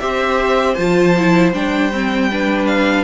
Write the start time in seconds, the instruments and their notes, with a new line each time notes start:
0.00 cello C4, viola G4, violin C5 E5
0.75 cello F3, viola F4, violin A5
1.18 viola E4
1.53 cello G3, viola D4, violin G5
1.93 viola C4
2.31 viola D4, violin B4
2.66 violin F5